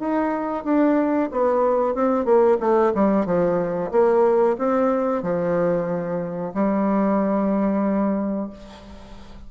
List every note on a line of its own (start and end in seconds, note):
0.00 0.65 D#4
0.65 1.30 D4
1.32 1.95 B3
1.95 2.25 C4
2.25 2.58 A#3
2.60 2.93 A3
2.95 3.26 G3
3.26 3.92 F3
3.92 4.57 A#3
4.59 5.23 C4
5.23 6.53 F3
6.55 8.50 G3